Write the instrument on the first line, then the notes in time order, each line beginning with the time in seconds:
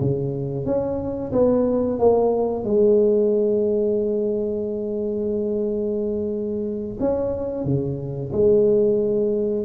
tuba
0.00 C#3
0.65 C#4
1.32 B3
1.98 A#3
2.64 G#3
7.00 C#4
7.64 C#3
8.32 G#3